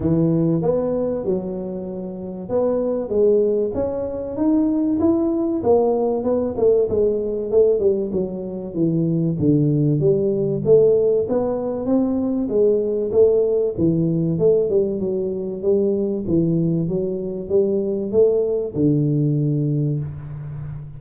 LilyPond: \new Staff \with { instrumentName = "tuba" } { \time 4/4 \tempo 4 = 96 e4 b4 fis2 | b4 gis4 cis'4 dis'4 | e'4 ais4 b8 a8 gis4 | a8 g8 fis4 e4 d4 |
g4 a4 b4 c'4 | gis4 a4 e4 a8 g8 | fis4 g4 e4 fis4 | g4 a4 d2 | }